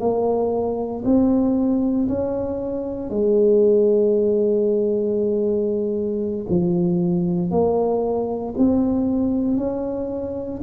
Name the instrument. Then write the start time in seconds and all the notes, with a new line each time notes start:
tuba
0.00 A#3
1.05 C4
2.09 C#4
3.10 G#3
6.49 F3
7.51 A#3
8.58 C4
9.57 C#4